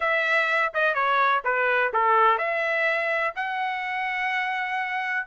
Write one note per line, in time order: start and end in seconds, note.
0.00 0.72 E5
0.73 0.94 D#5
0.94 1.42 C#5
1.44 1.92 B4
1.93 2.38 A4
2.38 3.34 E5
3.35 5.26 F#5